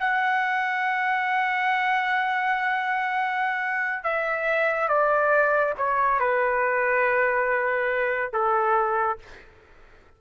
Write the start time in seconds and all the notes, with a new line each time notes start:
0.00 F#5
4.04 E5
4.89 D5
5.78 C#5
6.20 B4
8.33 A4